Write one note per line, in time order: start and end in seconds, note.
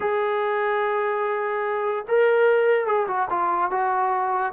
0.00 2.05 G#4
2.08 2.86 A#4
2.86 3.06 G#4
3.07 3.28 F#4
3.30 3.70 F4
3.70 4.53 F#4